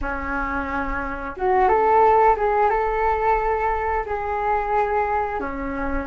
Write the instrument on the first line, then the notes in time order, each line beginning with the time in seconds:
flute
0.01 C#4
1.37 F#4
1.68 A4
2.36 G#4
2.70 A4
4.06 G#4
5.40 C#4